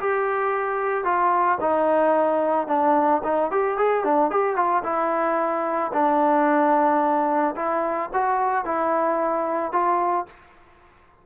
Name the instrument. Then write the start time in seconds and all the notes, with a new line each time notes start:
trombone
0.00 G4
1.05 F4
1.61 D#4
2.68 D4
3.24 D#4
3.51 G4
3.78 G#4
4.04 D4
4.31 G4
4.56 F4
4.84 E4
5.93 D4
7.56 E4
8.14 F#4
8.66 E4
9.72 F4